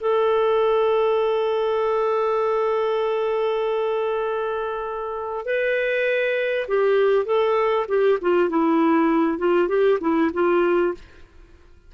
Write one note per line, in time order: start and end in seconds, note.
0.00 5.45 A4
5.46 6.67 B4
6.68 7.26 G4
7.26 7.86 A4
7.88 8.18 G4
8.21 8.49 F4
8.49 9.38 E4
9.38 9.68 F4
9.68 9.99 G4
10.01 10.31 E4
10.34 10.94 F4